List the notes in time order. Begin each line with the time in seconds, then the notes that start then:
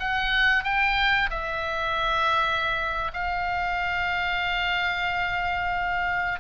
0.00 F#5
0.64 G5
1.30 E5
3.13 F5